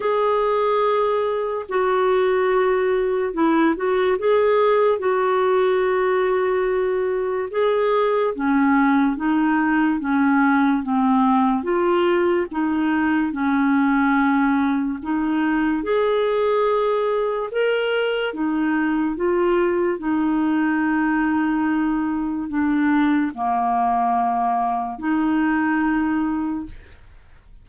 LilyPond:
\new Staff \with { instrumentName = "clarinet" } { \time 4/4 \tempo 4 = 72 gis'2 fis'2 | e'8 fis'8 gis'4 fis'2~ | fis'4 gis'4 cis'4 dis'4 | cis'4 c'4 f'4 dis'4 |
cis'2 dis'4 gis'4~ | gis'4 ais'4 dis'4 f'4 | dis'2. d'4 | ais2 dis'2 | }